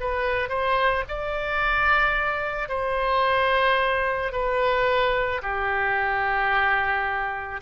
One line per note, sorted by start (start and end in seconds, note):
0.00 0.49 B4
0.49 1.03 C5
1.08 2.68 D5
2.68 4.32 C5
4.32 5.41 B4
5.42 7.60 G4